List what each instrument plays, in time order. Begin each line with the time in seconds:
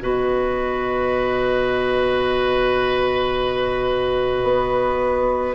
0.00 bassoon B2, clarinet F#4, oboe B4, flute D#5
4.44 bassoon B3